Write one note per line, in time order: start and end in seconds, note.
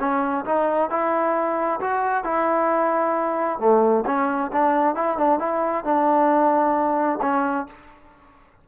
0.00 0.45 C#4
0.46 0.90 D#4
0.90 1.81 E4
1.81 2.24 F#4
2.24 3.60 E4
3.60 4.05 A3
4.07 4.52 C#4
4.53 4.96 D4
4.96 5.18 E4
5.18 5.40 D4
5.40 5.85 E4
5.85 7.20 D4
7.22 7.67 C#4